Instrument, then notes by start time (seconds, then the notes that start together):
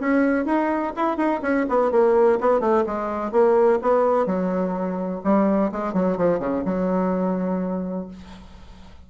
bassoon
0.00 C#4
0.45 D#4
0.96 E4
1.17 D#4
1.42 C#4
1.69 B3
1.91 A#3
2.40 B3
2.60 A3
2.86 G#3
3.32 A#3
3.82 B3
4.26 F#3
5.24 G3
5.72 G#3
5.94 F#3
6.17 F3
6.39 C#3
6.65 F#3